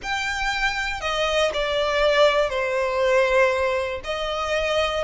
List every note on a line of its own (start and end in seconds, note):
0.02 1.01 G5
1.01 1.51 D#5
1.53 2.49 D5
2.49 4.01 C5
4.03 5.04 D#5